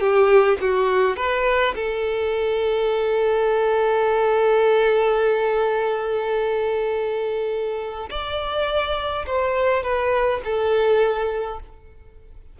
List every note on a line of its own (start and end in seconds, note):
0.00 0.58 G4
0.61 1.17 F#4
1.17 1.74 B4
1.75 8.10 A4
8.10 9.26 D5
9.26 9.83 C5
9.83 10.41 B4
10.44 11.60 A4